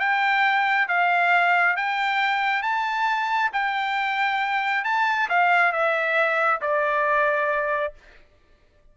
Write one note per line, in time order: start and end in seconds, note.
0.00 0.88 G5
0.88 1.77 F5
1.77 2.63 G5
2.63 3.51 A5
3.53 4.85 G5
4.85 5.29 A5
5.30 5.73 F5
5.73 6.61 E5
6.62 7.94 D5